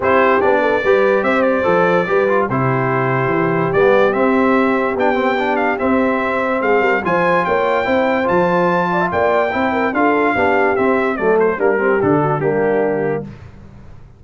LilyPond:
<<
  \new Staff \with { instrumentName = "trumpet" } { \time 4/4 \tempo 4 = 145 c''4 d''2 e''8 d''8~ | d''2 c''2~ | c''4 d''4 e''2 | g''4. f''8 e''2 |
f''4 gis''4 g''2 | a''2 g''2 | f''2 e''4 d''8 c''8 | ais'4 a'4 g'2 | }
  \new Staff \with { instrumentName = "horn" } { \time 4/4 g'4. a'8 b'4 c''4~ | c''4 b'4 g'2~ | g'1~ | g'1 |
gis'8 ais'8 c''4 cis''4 c''4~ | c''4. d''16 e''16 d''4 c''8 ais'8 | a'4 g'2 a'4 | d'8 g'4 fis'8 d'2 | }
  \new Staff \with { instrumentName = "trombone" } { \time 4/4 e'4 d'4 g'2 | a'4 g'8 f'8 e'2~ | e'4 b4 c'2 | d'8 c'8 d'4 c'2~ |
c'4 f'2 e'4 | f'2. e'4 | f'4 d'4 c'4 a4 | ais8 c'8 d'4 ais2 | }
  \new Staff \with { instrumentName = "tuba" } { \time 4/4 c'4 b4 g4 c'4 | f4 g4 c2 | e4 g4 c'2 | b2 c'2 |
gis8 g8 f4 ais4 c'4 | f2 ais4 c'4 | d'4 b4 c'4 fis4 | g4 d4 g2 | }
>>